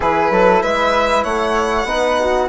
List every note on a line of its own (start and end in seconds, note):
0.00 0.30 E3
0.00 1.87 E4
0.00 0.31 G#4
0.00 0.62 B4
0.30 0.61 F#3
0.30 0.61 A4
0.61 1.24 G#3
0.61 1.23 B4
0.61 1.23 E5
1.23 1.84 A3
1.23 1.86 C#5
1.23 2.48 F#5
1.84 2.47 B3
1.84 2.48 D#4
1.84 2.19 B4
2.19 2.48 F#4